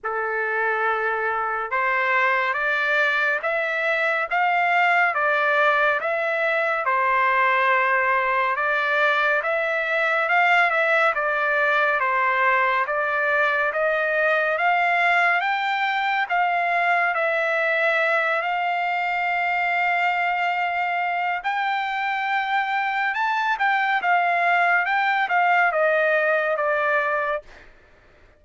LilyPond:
\new Staff \with { instrumentName = "trumpet" } { \time 4/4 \tempo 4 = 70 a'2 c''4 d''4 | e''4 f''4 d''4 e''4 | c''2 d''4 e''4 | f''8 e''8 d''4 c''4 d''4 |
dis''4 f''4 g''4 f''4 | e''4. f''2~ f''8~ | f''4 g''2 a''8 g''8 | f''4 g''8 f''8 dis''4 d''4 | }